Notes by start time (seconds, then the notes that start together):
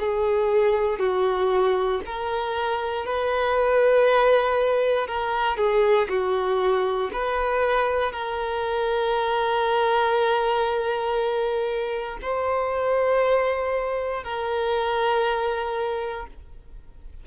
0.00 G#4
0.99 F#4
2.06 A#4
3.06 B4
5.08 A#4
5.57 G#4
6.09 F#4
7.13 B4
8.12 A#4
12.22 C5
14.24 A#4